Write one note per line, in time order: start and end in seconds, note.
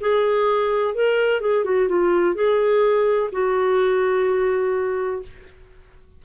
0.00 0.94 G#4
0.94 1.40 A#4
1.40 1.64 G#4
1.64 1.88 F#4
1.88 2.34 F4
2.34 3.29 G#4
3.32 5.22 F#4